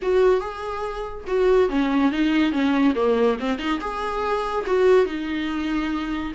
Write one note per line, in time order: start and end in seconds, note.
0.02 0.40 F#4
0.40 1.25 G#4
1.27 1.69 F#4
1.69 2.11 C#4
2.11 2.51 D#4
2.51 2.94 C#4
2.95 3.37 A#3
3.39 3.58 C4
3.58 3.79 D#4
3.80 4.65 G#4
4.66 5.05 F#4
5.05 6.32 D#4